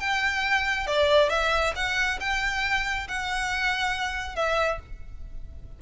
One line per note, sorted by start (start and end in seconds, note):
0.00 0.87 G5
0.87 1.30 D5
1.30 1.74 E5
1.76 2.20 F#5
2.21 3.08 G5
3.08 4.36 F#5
4.36 4.80 E5